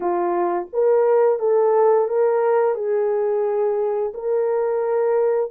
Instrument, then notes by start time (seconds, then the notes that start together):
horn
0.00 F4
0.72 A#4
1.39 A4
2.08 A#4
2.74 G#4
4.14 A#4